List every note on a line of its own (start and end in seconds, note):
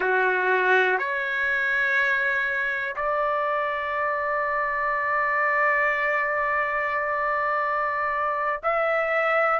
0.00 0.98 F#4
0.98 2.95 C#5
2.96 8.61 D5
8.63 9.59 E5